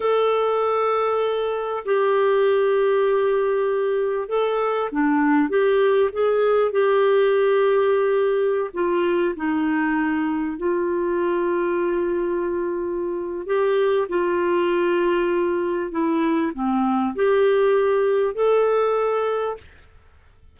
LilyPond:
\new Staff \with { instrumentName = "clarinet" } { \time 4/4 \tempo 4 = 98 a'2. g'4~ | g'2. a'4 | d'4 g'4 gis'4 g'4~ | g'2~ g'16 f'4 dis'8.~ |
dis'4~ dis'16 f'2~ f'8.~ | f'2 g'4 f'4~ | f'2 e'4 c'4 | g'2 a'2 | }